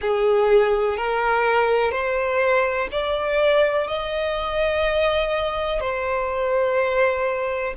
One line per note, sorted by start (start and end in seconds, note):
0.00 0.97 G#4
0.97 1.91 A#4
1.91 2.88 C5
2.91 3.87 D5
3.87 5.80 D#5
5.80 7.74 C5